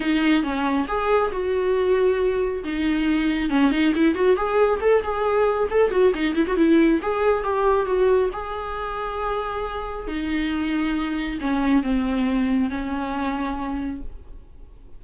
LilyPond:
\new Staff \with { instrumentName = "viola" } { \time 4/4 \tempo 4 = 137 dis'4 cis'4 gis'4 fis'4~ | fis'2 dis'2 | cis'8 dis'8 e'8 fis'8 gis'4 a'8 gis'8~ | gis'4 a'8 fis'8 dis'8 e'16 fis'16 e'4 |
gis'4 g'4 fis'4 gis'4~ | gis'2. dis'4~ | dis'2 cis'4 c'4~ | c'4 cis'2. | }